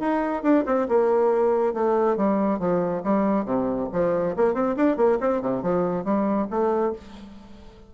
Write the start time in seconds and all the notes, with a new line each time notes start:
0.00 D#4
0.43 D4
0.66 C4
0.89 A#3
1.74 A3
2.17 G3
2.59 F3
3.04 G3
3.46 C3
3.93 F3
4.37 A#3
4.54 C4
4.77 D4
4.97 A#3
5.21 C4
5.42 C3
5.63 F3
6.05 G3
6.51 A3